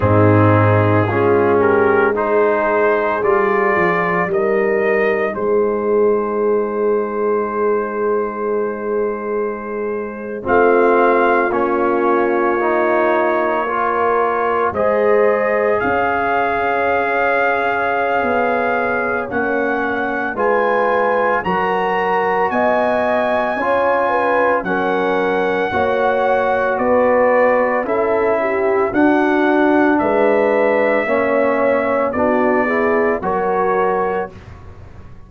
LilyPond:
<<
  \new Staff \with { instrumentName = "trumpet" } { \time 4/4 \tempo 4 = 56 gis'4. ais'8 c''4 d''4 | dis''4 c''2.~ | c''4.~ c''16 f''4 cis''4~ cis''16~ | cis''4.~ cis''16 dis''4 f''4~ f''16~ |
f''2 fis''4 gis''4 | ais''4 gis''2 fis''4~ | fis''4 d''4 e''4 fis''4 | e''2 d''4 cis''4 | }
  \new Staff \with { instrumentName = "horn" } { \time 4/4 dis'4 f'8 g'8 gis'2 | ais'4 gis'2.~ | gis'4.~ gis'16 f'2~ f'16~ | f'8. ais'4 c''4 cis''4~ cis''16~ |
cis''2. b'4 | ais'4 dis''4 cis''8 b'8 ais'4 | cis''4 b'4 a'8 g'8 fis'4 | b'4 cis''4 fis'8 gis'8 ais'4 | }
  \new Staff \with { instrumentName = "trombone" } { \time 4/4 c'4 cis'4 dis'4 f'4 | dis'1~ | dis'4.~ dis'16 c'4 cis'4 dis'16~ | dis'8. f'4 gis'2~ gis'16~ |
gis'2 cis'4 f'4 | fis'2 f'4 cis'4 | fis'2 e'4 d'4~ | d'4 cis'4 d'8 e'8 fis'4 | }
  \new Staff \with { instrumentName = "tuba" } { \time 4/4 gis,4 gis2 g8 f8 | g4 gis2.~ | gis4.~ gis16 a4 ais4~ ais16~ | ais4.~ ais16 gis4 cis'4~ cis'16~ |
cis'4 b4 ais4 gis4 | fis4 b4 cis'4 fis4 | ais4 b4 cis'4 d'4 | gis4 ais4 b4 fis4 | }
>>